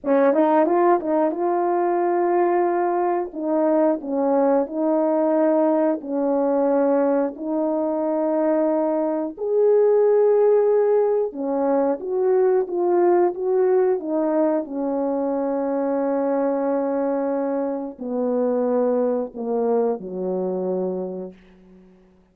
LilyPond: \new Staff \with { instrumentName = "horn" } { \time 4/4 \tempo 4 = 90 cis'8 dis'8 f'8 dis'8 f'2~ | f'4 dis'4 cis'4 dis'4~ | dis'4 cis'2 dis'4~ | dis'2 gis'2~ |
gis'4 cis'4 fis'4 f'4 | fis'4 dis'4 cis'2~ | cis'2. b4~ | b4 ais4 fis2 | }